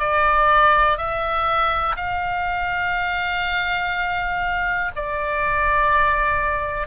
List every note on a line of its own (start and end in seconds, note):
0.00 0.98 D5
0.98 1.96 E5
1.97 4.92 F5
4.96 6.88 D5